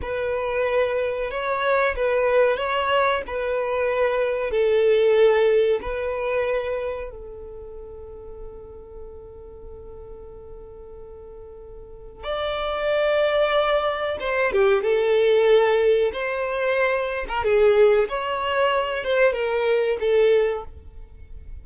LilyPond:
\new Staff \with { instrumentName = "violin" } { \time 4/4 \tempo 4 = 93 b'2 cis''4 b'4 | cis''4 b'2 a'4~ | a'4 b'2 a'4~ | a'1~ |
a'2. d''4~ | d''2 c''8 g'8 a'4~ | a'4 c''4.~ c''16 ais'16 gis'4 | cis''4. c''8 ais'4 a'4 | }